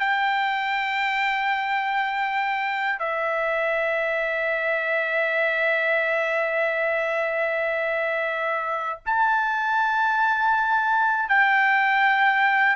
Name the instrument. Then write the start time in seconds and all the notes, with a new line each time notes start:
trumpet
0.00 G5
3.00 E5
9.06 A5
11.29 G5